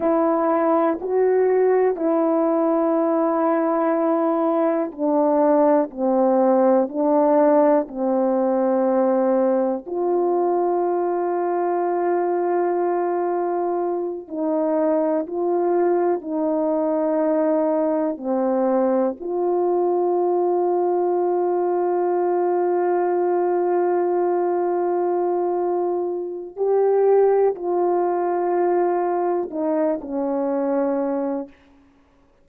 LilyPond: \new Staff \with { instrumentName = "horn" } { \time 4/4 \tempo 4 = 61 e'4 fis'4 e'2~ | e'4 d'4 c'4 d'4 | c'2 f'2~ | f'2~ f'8 dis'4 f'8~ |
f'8 dis'2 c'4 f'8~ | f'1~ | f'2. g'4 | f'2 dis'8 cis'4. | }